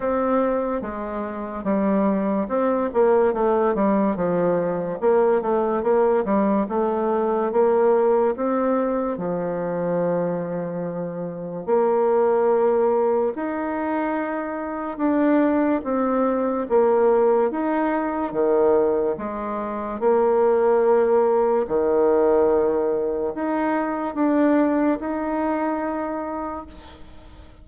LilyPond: \new Staff \with { instrumentName = "bassoon" } { \time 4/4 \tempo 4 = 72 c'4 gis4 g4 c'8 ais8 | a8 g8 f4 ais8 a8 ais8 g8 | a4 ais4 c'4 f4~ | f2 ais2 |
dis'2 d'4 c'4 | ais4 dis'4 dis4 gis4 | ais2 dis2 | dis'4 d'4 dis'2 | }